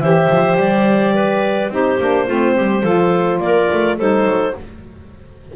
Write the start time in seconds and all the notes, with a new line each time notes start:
0.00 E3 G4 C5 E5
0.29 F3
0.56 G3 D5
1.15 B4
1.70 C4 D#4 G4 C5
2.00 A#3 D4
2.27 A3 C4 F4
2.56 G3 G4
2.82 F3 F4 A4
3.40 A#3 A#4 D5
3.73 A3
3.97 G3 D#4 A4 C5
4.25 F#3